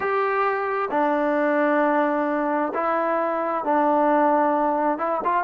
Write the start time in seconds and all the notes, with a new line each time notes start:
0.00 G4
0.90 D4
2.74 E4
3.64 D4
4.98 E4
5.24 F4